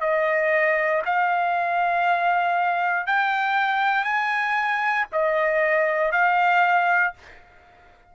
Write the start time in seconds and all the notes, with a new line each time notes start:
0.00 D#5
1.05 F5
3.06 G5
4.04 G#5
5.12 D#5
6.12 F5